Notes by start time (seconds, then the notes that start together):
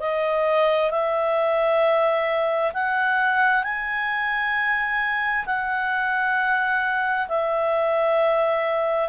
0.00 D#5
0.91 E5
2.74 F#5
3.64 G#5
5.46 F#5
7.29 E5